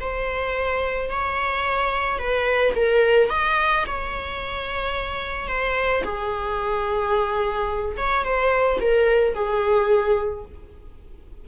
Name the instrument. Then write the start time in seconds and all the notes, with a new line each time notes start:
viola
0.00 C5
1.10 C#5
2.18 B4
2.75 A#4
3.30 D#5
3.87 C#5
5.48 C5
6.04 G#4
7.97 C#5
8.24 C5
8.80 A#4
9.35 G#4